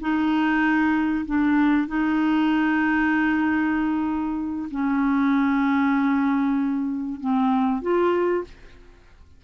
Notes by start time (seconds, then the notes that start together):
0.00 D#4
1.25 D4
1.88 D#4
4.70 C#4
7.20 C4
7.81 F4